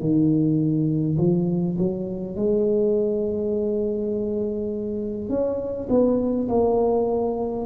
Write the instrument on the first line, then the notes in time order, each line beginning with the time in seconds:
tuba
0.00 D#3
1.19 F3
1.79 F#3
2.36 G#3
5.29 C#4
5.90 B3
6.49 A#3